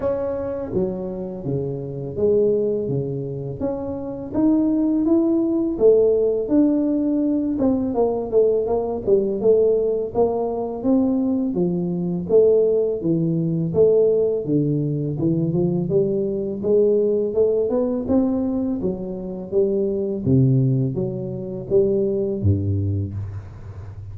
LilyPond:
\new Staff \with { instrumentName = "tuba" } { \time 4/4 \tempo 4 = 83 cis'4 fis4 cis4 gis4 | cis4 cis'4 dis'4 e'4 | a4 d'4. c'8 ais8 a8 | ais8 g8 a4 ais4 c'4 |
f4 a4 e4 a4 | d4 e8 f8 g4 gis4 | a8 b8 c'4 fis4 g4 | c4 fis4 g4 g,4 | }